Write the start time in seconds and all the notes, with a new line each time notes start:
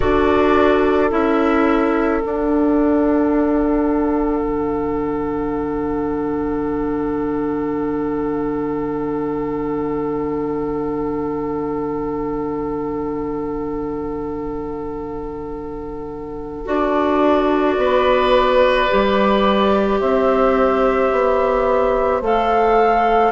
0.00 D4 F#4 A4 D5
1.10 C#4 E4 E5
2.21 D4 F#5
4.42 D3
16.65 D4 F#4 D5
17.76 B3 B4
18.89 G3 G4
20.00 C4 C5 E5
21.11 B3
22.21 A3 A4 F5